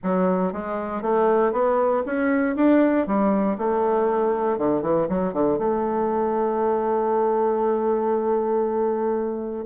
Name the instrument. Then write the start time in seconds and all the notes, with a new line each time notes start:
bassoon
0.03 F#3
0.52 G#3
1.02 A3
1.52 B3
2.06 C#4
2.55 D4
3.06 G3
3.58 A3
4.58 D3
4.82 E3
5.08 F#3
5.33 D3
5.58 A3